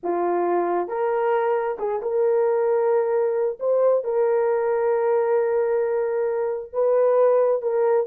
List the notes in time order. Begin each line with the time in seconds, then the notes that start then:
0.03 F4
0.87 A#4
1.78 G#4
2.01 A#4
3.59 C5
4.04 A#4
6.72 B4
7.61 A#4